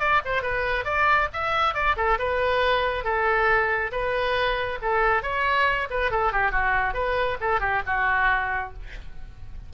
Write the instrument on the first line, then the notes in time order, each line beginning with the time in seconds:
oboe
0.00 D5
0.25 C5
0.42 B4
0.85 D5
1.33 E5
1.74 D5
1.97 A4
2.19 B4
3.04 A4
3.92 B4
4.82 A4
5.23 C#5
5.90 B4
6.11 A4
6.33 G4
6.52 F#4
6.94 B4
7.41 A4
7.60 G4
7.87 F#4